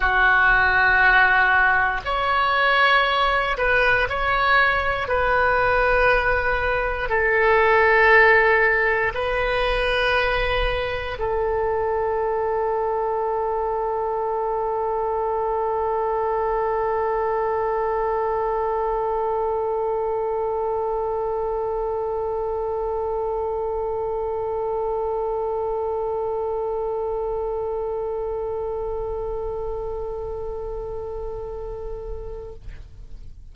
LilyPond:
\new Staff \with { instrumentName = "oboe" } { \time 4/4 \tempo 4 = 59 fis'2 cis''4. b'8 | cis''4 b'2 a'4~ | a'4 b'2 a'4~ | a'1~ |
a'1~ | a'1~ | a'1~ | a'1 | }